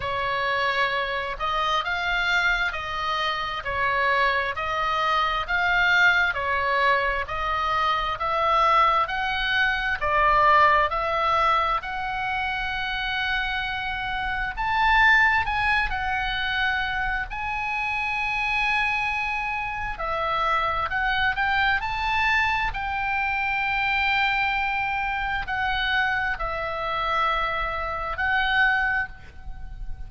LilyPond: \new Staff \with { instrumentName = "oboe" } { \time 4/4 \tempo 4 = 66 cis''4. dis''8 f''4 dis''4 | cis''4 dis''4 f''4 cis''4 | dis''4 e''4 fis''4 d''4 | e''4 fis''2. |
a''4 gis''8 fis''4. gis''4~ | gis''2 e''4 fis''8 g''8 | a''4 g''2. | fis''4 e''2 fis''4 | }